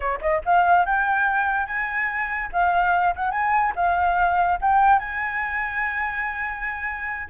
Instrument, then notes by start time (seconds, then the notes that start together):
flute
0.00 C#5
0.21 D#5
0.45 F5
0.85 G5
1.66 G#5
2.52 F5
3.15 F#5
3.31 G#5
3.75 F5
4.61 G5
4.99 G#5